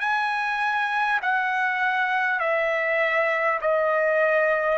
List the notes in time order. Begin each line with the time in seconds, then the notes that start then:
0.00 G#5
1.22 F#5
2.39 E5
3.61 D#5